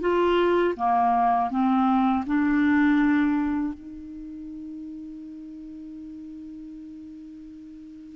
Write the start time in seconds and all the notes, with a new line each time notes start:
0.00 F4
0.76 A#3
1.50 C4
2.26 D4
3.74 D#4